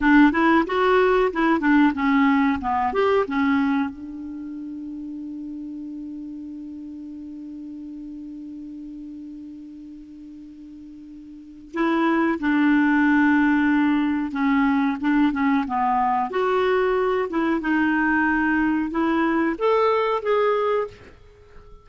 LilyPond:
\new Staff \with { instrumentName = "clarinet" } { \time 4/4 \tempo 4 = 92 d'8 e'8 fis'4 e'8 d'8 cis'4 | b8 g'8 cis'4 d'2~ | d'1~ | d'1~ |
d'2 e'4 d'4~ | d'2 cis'4 d'8 cis'8 | b4 fis'4. e'8 dis'4~ | dis'4 e'4 a'4 gis'4 | }